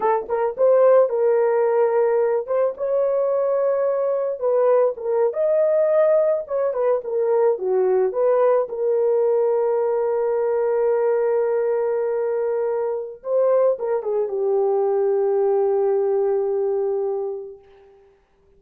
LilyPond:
\new Staff \with { instrumentName = "horn" } { \time 4/4 \tempo 4 = 109 a'8 ais'8 c''4 ais'2~ | ais'8 c''8 cis''2. | b'4 ais'8. dis''2 cis''16~ | cis''16 b'8 ais'4 fis'4 b'4 ais'16~ |
ais'1~ | ais'1 | c''4 ais'8 gis'8 g'2~ | g'1 | }